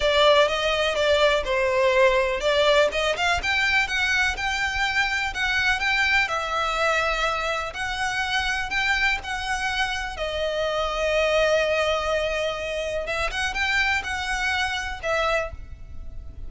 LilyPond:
\new Staff \with { instrumentName = "violin" } { \time 4/4 \tempo 4 = 124 d''4 dis''4 d''4 c''4~ | c''4 d''4 dis''8 f''8 g''4 | fis''4 g''2 fis''4 | g''4 e''2. |
fis''2 g''4 fis''4~ | fis''4 dis''2.~ | dis''2. e''8 fis''8 | g''4 fis''2 e''4 | }